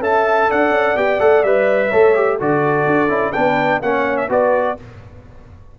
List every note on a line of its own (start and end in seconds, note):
0.00 0.48 C#4
0.00 0.97 A4
0.00 0.50 E5
0.00 0.51 A5
0.50 0.71 D4
0.50 1.89 D5
0.50 0.97 F#5
0.71 0.95 C#4
0.96 1.20 B3
0.96 1.20 G4
0.96 1.21 G5
1.20 1.44 A3
1.20 1.44 A4
1.20 1.44 F#5
1.44 1.91 G3
1.44 1.92 B4
1.44 2.39 E5
1.89 2.40 A3
1.89 2.15 A4
1.89 2.37 C#5
2.15 2.39 G4
2.39 2.87 D3
2.39 3.09 F#4
2.39 3.33 A4
2.39 3.33 D5
2.87 3.09 D4
3.09 3.33 C#4
3.09 3.33 E4
3.33 3.82 B3
3.33 3.82 D4
3.33 3.81 B4
3.33 3.80 G5
3.82 4.29 A#3
3.82 4.29 C#4
3.82 4.30 C#5
3.82 4.18 F#5
4.18 4.29 E5
4.29 4.78 B3
4.29 4.77 F#4
4.29 4.77 B4
4.29 4.79 D5